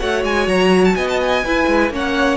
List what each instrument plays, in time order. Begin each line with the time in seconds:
0.00 cello A3, viola F#4, violin C#5 F#5
0.24 cello G#3, violin G#5
0.48 cello F#3, violin A#5
0.85 violin A5
0.96 cello B3, violin D#5 G#5
1.09 violin A5
1.21 violin G#5
1.45 cello E4, viola E4, violin B4
1.67 cello G#3
1.90 cello A#3, viola C#4, violin C#5 F#5